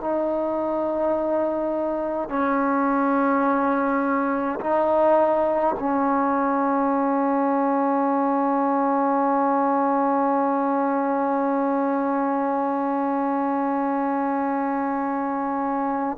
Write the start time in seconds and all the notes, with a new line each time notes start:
0.00 D#4
2.28 C#4
4.60 D#4
5.79 C#4